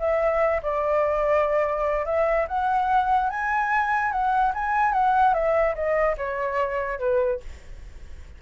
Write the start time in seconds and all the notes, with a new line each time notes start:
0.00 E5
0.63 D5
2.06 E5
2.48 F#5
3.30 G#5
4.12 F#5
4.55 G#5
4.93 F#5
5.34 E5
5.75 D#5
6.18 C#5
6.99 B4